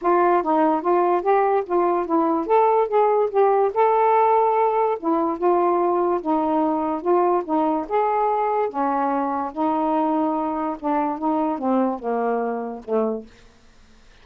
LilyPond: \new Staff \with { instrumentName = "saxophone" } { \time 4/4 \tempo 4 = 145 f'4 dis'4 f'4 g'4 | f'4 e'4 a'4 gis'4 | g'4 a'2. | e'4 f'2 dis'4~ |
dis'4 f'4 dis'4 gis'4~ | gis'4 cis'2 dis'4~ | dis'2 d'4 dis'4 | c'4 ais2 a4 | }